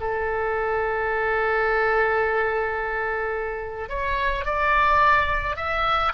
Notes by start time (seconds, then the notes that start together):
0.00 A4
3.89 C#5
4.45 D5
5.56 E5